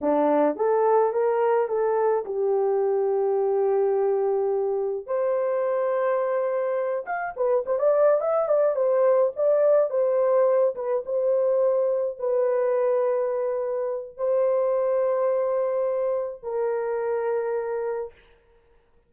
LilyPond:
\new Staff \with { instrumentName = "horn" } { \time 4/4 \tempo 4 = 106 d'4 a'4 ais'4 a'4 | g'1~ | g'4 c''2.~ | c''8 f''8 b'8 c''16 d''8. e''8 d''8 c''8~ |
c''8 d''4 c''4. b'8 c''8~ | c''4. b'2~ b'8~ | b'4 c''2.~ | c''4 ais'2. | }